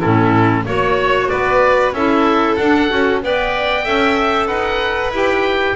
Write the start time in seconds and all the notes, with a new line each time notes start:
0.00 A2 C#4 E4 A4
0.66 A#3 F#4 C#5
1.28 B3 B4 D5
1.92 C#4 E4 A4 E5
2.56 D4 F#5
2.90 C#4 F#4
3.23 B3 B4 D5 G5
3.84 C#4 A4 E5
4.47 D#4 B4 F#5
5.11 E4 G4 G5